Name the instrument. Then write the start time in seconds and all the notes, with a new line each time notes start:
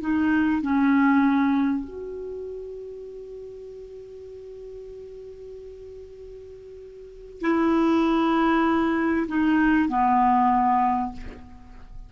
clarinet
0.00 D#4
0.62 C#4
1.84 F#4
7.41 E4
9.28 D#4
9.89 B3